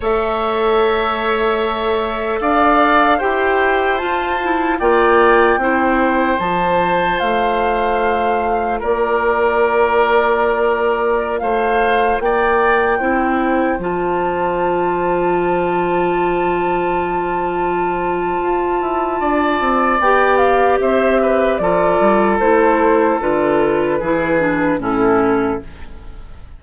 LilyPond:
<<
  \new Staff \with { instrumentName = "flute" } { \time 4/4 \tempo 4 = 75 e''2. f''4 | g''4 a''4 g''2 | a''4 f''2 d''4~ | d''2~ d''16 f''4 g''8.~ |
g''4~ g''16 a''2~ a''8.~ | a''1~ | a''4 g''8 f''8 e''4 d''4 | c''4 b'2 a'4 | }
  \new Staff \with { instrumentName = "oboe" } { \time 4/4 cis''2. d''4 | c''2 d''4 c''4~ | c''2. ais'4~ | ais'2~ ais'16 c''4 d''8.~ |
d''16 c''2.~ c''8.~ | c''1 | d''2 c''8 b'8 a'4~ | a'2 gis'4 e'4 | }
  \new Staff \with { instrumentName = "clarinet" } { \time 4/4 a'1 | g'4 f'8 e'8 f'4 e'4 | f'1~ | f'1~ |
f'16 e'4 f'2~ f'8.~ | f'1~ | f'4 g'2 f'4 | e'4 f'4 e'8 d'8 cis'4 | }
  \new Staff \with { instrumentName = "bassoon" } { \time 4/4 a2. d'4 | e'4 f'4 ais4 c'4 | f4 a2 ais4~ | ais2~ ais16 a4 ais8.~ |
ais16 c'4 f2~ f8.~ | f2. f'8 e'8 | d'8 c'8 b4 c'4 f8 g8 | a4 d4 e4 a,4 | }
>>